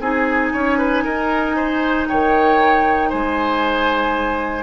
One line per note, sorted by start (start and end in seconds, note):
0.00 0.52 C4
0.00 4.63 D#4
0.00 0.52 G#4
0.00 2.07 G#5
0.53 1.04 C#4
0.53 0.78 C#5
0.78 1.04 B4
1.04 2.07 D#4
1.04 1.56 A#4
1.56 2.08 C5
2.07 3.13 D#3
2.07 3.09 C#5
2.07 3.10 G5
3.09 4.63 G#3
3.09 4.63 C5
3.09 4.63 G#5